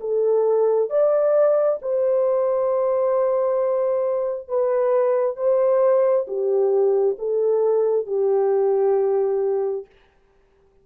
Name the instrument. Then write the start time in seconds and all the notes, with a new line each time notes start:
horn
0.00 A4
0.90 D5
1.82 C5
4.48 B4
5.36 C5
6.27 G4
7.19 A4
8.06 G4